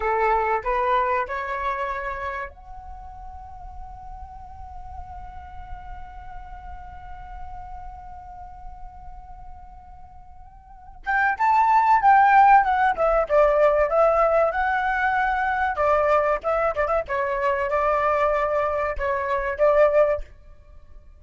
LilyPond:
\new Staff \with { instrumentName = "flute" } { \time 4/4 \tempo 4 = 95 a'4 b'4 cis''2 | fis''1~ | fis''1~ | fis''1~ |
fis''4. g''8 a''4 g''4 | fis''8 e''8 d''4 e''4 fis''4~ | fis''4 d''4 e''8 d''16 e''16 cis''4 | d''2 cis''4 d''4 | }